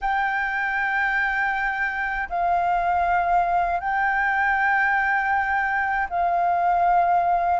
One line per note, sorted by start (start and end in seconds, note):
0.01 2.29 G5
2.29 3.80 F5
3.80 6.08 G5
6.09 7.59 F5